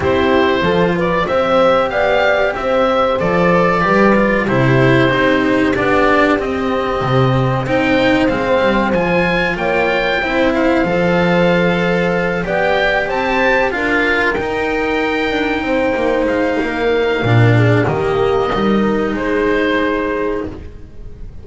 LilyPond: <<
  \new Staff \with { instrumentName = "oboe" } { \time 4/4 \tempo 4 = 94 c''4. d''8 e''4 f''4 | e''4 d''2 c''4~ | c''4 d''4 dis''2 | g''4 f''4 gis''4 g''4~ |
g''8 f''2. g''8~ | g''8 a''4 f''4 g''4.~ | g''4. f''2~ f''8 | dis''2 c''2 | }
  \new Staff \with { instrumentName = "horn" } { \time 4/4 g'4 a'8 b'8 c''4 d''4 | c''2 b'4 g'4~ | g'1 | c''2. cis''4 |
c''2.~ c''8 d''8~ | d''8 c''4 ais'2~ ais'8~ | ais'8 c''4. ais'4. gis'8 | g'4 ais'4 gis'2 | }
  \new Staff \with { instrumentName = "cello" } { \time 4/4 e'4 f'4 g'2~ | g'4 a'4 g'8 f'8 e'4 | dis'4 d'4 c'2 | dis'4 c'4 f'2 |
e'4 a'2~ a'8 g'8~ | g'4. f'4 dis'4.~ | dis'2. d'4 | ais4 dis'2. | }
  \new Staff \with { instrumentName = "double bass" } { \time 4/4 c'4 f4 c'4 b4 | c'4 f4 g4 c4 | c'4 b4 c'4 c4 | c'4 gis8 g8 f4 ais4 |
c'4 f2~ f8 b8~ | b8 c'4 d'4 dis'4. | d'8 c'8 ais8 gis8 ais4 ais,4 | dis4 g4 gis2 | }
>>